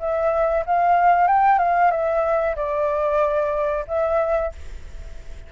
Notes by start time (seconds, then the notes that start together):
0.00 E5
0.66 F5
1.28 G5
1.59 F5
1.91 E5
2.57 D5
3.88 E5